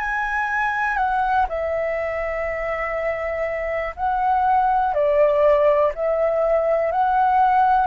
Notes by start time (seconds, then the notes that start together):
0.00 G#5
0.97 F#5
1.49 E5
3.96 F#5
4.94 D5
5.95 E5
6.92 F#5